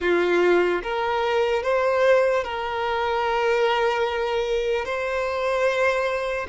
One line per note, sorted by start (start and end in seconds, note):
0.00 0.81 F4
0.82 1.63 A#4
1.63 2.44 C5
2.44 4.85 A#4
4.85 6.47 C5